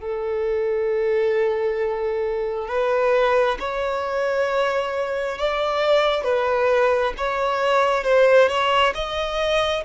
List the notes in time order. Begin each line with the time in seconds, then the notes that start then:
0.00 A4
2.68 B4
3.59 C#5
5.39 D5
6.24 B4
7.18 C#5
8.04 C5
8.49 C#5
8.95 D#5